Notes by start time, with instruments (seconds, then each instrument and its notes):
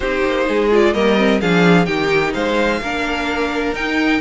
0.00 cello C4, viola D#4, violin G4 C5
0.25 cello A#3
0.48 cello G#3, violin G#4
0.70 viola F4, violin D5
0.93 cello G3, viola A#3, violin A#4 D#5
1.16 viola C4
1.41 cello F3, viola D4, violin G#4 F5
1.85 cello D#3, viola D#4, violin G4 G5
2.33 cello G#3, violin C5 F5
2.81 cello A#3, viola D4, violin A#4
3.72 cello D#4, viola D#4, violin G5